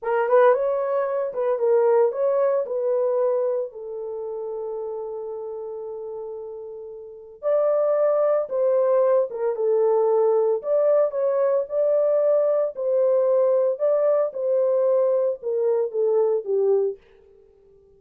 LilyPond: \new Staff \with { instrumentName = "horn" } { \time 4/4 \tempo 4 = 113 ais'8 b'8 cis''4. b'8 ais'4 | cis''4 b'2 a'4~ | a'1~ | a'2 d''2 |
c''4. ais'8 a'2 | d''4 cis''4 d''2 | c''2 d''4 c''4~ | c''4 ais'4 a'4 g'4 | }